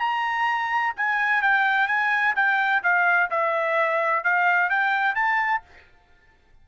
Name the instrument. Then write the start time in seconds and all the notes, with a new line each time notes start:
trumpet
0.00 A#5
0.97 G#5
1.43 G5
1.88 G#5
2.36 G5
2.84 F5
3.31 E5
4.24 F5
4.70 G5
5.15 A5